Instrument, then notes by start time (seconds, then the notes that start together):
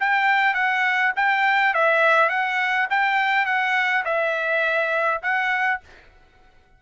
trumpet
0.00 G5
0.54 F#5
1.16 G5
1.74 E5
2.29 F#5
2.90 G5
3.46 F#5
4.05 E5
5.22 F#5